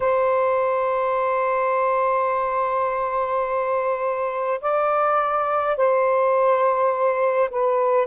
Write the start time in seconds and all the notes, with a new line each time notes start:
0.00 C5
4.61 D5
5.76 C5
7.50 B4